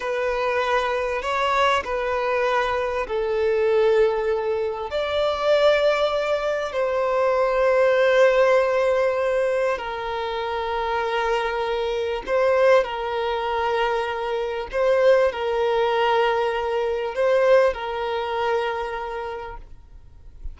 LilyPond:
\new Staff \with { instrumentName = "violin" } { \time 4/4 \tempo 4 = 98 b'2 cis''4 b'4~ | b'4 a'2. | d''2. c''4~ | c''1 |
ais'1 | c''4 ais'2. | c''4 ais'2. | c''4 ais'2. | }